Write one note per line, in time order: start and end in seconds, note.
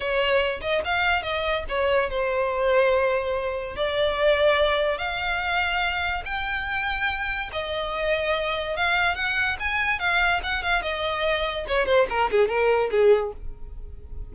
0.00 0.60 C#5
0.61 0.82 D#5
0.84 1.22 F5
1.22 1.64 D#5
1.68 2.10 C#5
2.10 3.75 C5
3.75 4.98 D5
4.98 6.23 F5
6.25 7.50 G5
7.52 8.76 D#5
8.76 9.15 F5
9.15 9.56 F#5
9.59 9.99 G#5
9.99 10.40 F5
10.43 10.62 F#5
10.62 10.82 F5
10.82 11.65 D#5
11.67 11.86 C#5
11.86 12.07 C5
12.09 12.30 A#4
12.30 12.48 G#4
12.48 12.90 A#4
12.91 13.32 G#4